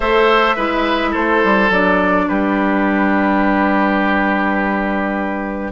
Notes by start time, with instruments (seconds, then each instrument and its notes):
0.00 bassoon A3, clarinet A4, oboe C5, flute E5
0.56 bassoon G#3, clarinet E4, oboe B4
1.11 bassoon A3, oboe A4, flute C5
1.43 bassoon G3
1.69 bassoon F#3, clarinet D4, flute D5
2.28 bassoon G3, oboe G4, flute B4